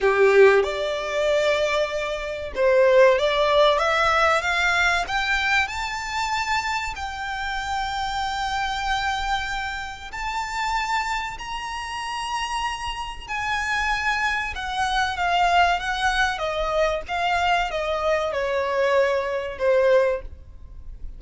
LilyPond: \new Staff \with { instrumentName = "violin" } { \time 4/4 \tempo 4 = 95 g'4 d''2. | c''4 d''4 e''4 f''4 | g''4 a''2 g''4~ | g''1 |
a''2 ais''2~ | ais''4 gis''2 fis''4 | f''4 fis''4 dis''4 f''4 | dis''4 cis''2 c''4 | }